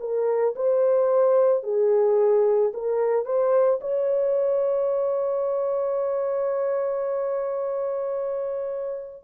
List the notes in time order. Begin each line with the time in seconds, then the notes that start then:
0.00 A#4
0.56 C5
1.64 G#4
2.74 A#4
3.25 C5
3.81 C#5